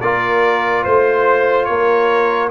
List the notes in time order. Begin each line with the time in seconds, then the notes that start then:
0.00 A#3 F4 A#4 D5
0.82 A3 C5
1.65 A#3 A#4 C#5